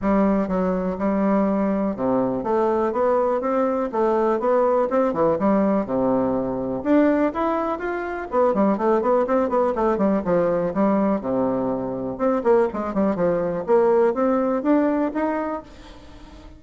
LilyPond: \new Staff \with { instrumentName = "bassoon" } { \time 4/4 \tempo 4 = 123 g4 fis4 g2 | c4 a4 b4 c'4 | a4 b4 c'8 e8 g4 | c2 d'4 e'4 |
f'4 b8 g8 a8 b8 c'8 b8 | a8 g8 f4 g4 c4~ | c4 c'8 ais8 gis8 g8 f4 | ais4 c'4 d'4 dis'4 | }